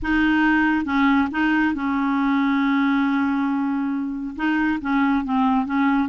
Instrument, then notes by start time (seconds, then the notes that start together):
clarinet
0.02 D#4
0.85 C#4
1.31 D#4
1.74 C#4
4.36 D#4
4.81 C#4
5.24 C4
5.65 C#4